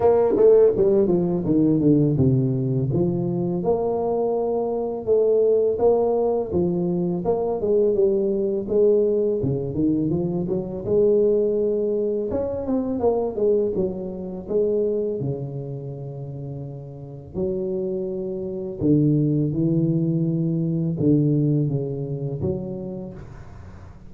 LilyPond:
\new Staff \with { instrumentName = "tuba" } { \time 4/4 \tempo 4 = 83 ais8 a8 g8 f8 dis8 d8 c4 | f4 ais2 a4 | ais4 f4 ais8 gis8 g4 | gis4 cis8 dis8 f8 fis8 gis4~ |
gis4 cis'8 c'8 ais8 gis8 fis4 | gis4 cis2. | fis2 d4 e4~ | e4 d4 cis4 fis4 | }